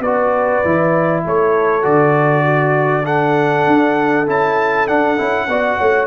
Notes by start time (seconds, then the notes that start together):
0.00 B3 F#4 B4 D5
0.65 E3 E4
1.25 A3 A4 C#5
1.82 D3 F#4 D5
2.44 F#4
3.05 D4 A4 F#5
3.67 D4
4.27 C#4 E4 A5
4.87 D4 F#5
5.18 C#4 E4
5.49 B3 F#4 D5
5.79 A3 C#5